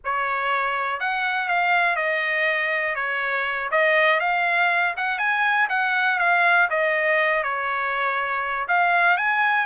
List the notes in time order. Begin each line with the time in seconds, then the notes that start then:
0.04 C#5
1.00 F#5
1.48 F5
1.96 D#5
2.95 C#5
3.71 D#5
4.20 F5
4.96 F#5
5.18 G#5
5.69 F#5
6.19 F5
6.69 D#5
7.43 C#5
8.68 F5
9.17 G#5